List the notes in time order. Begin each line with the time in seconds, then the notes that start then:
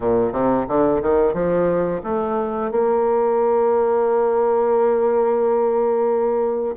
0.00 A#2
0.32 C3
0.67 D3
1.01 D#3
1.33 F3
2.03 A3
2.71 A#3